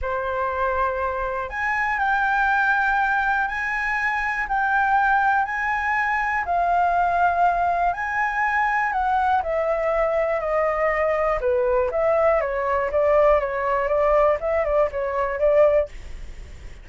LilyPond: \new Staff \with { instrumentName = "flute" } { \time 4/4 \tempo 4 = 121 c''2. gis''4 | g''2. gis''4~ | gis''4 g''2 gis''4~ | gis''4 f''2. |
gis''2 fis''4 e''4~ | e''4 dis''2 b'4 | e''4 cis''4 d''4 cis''4 | d''4 e''8 d''8 cis''4 d''4 | }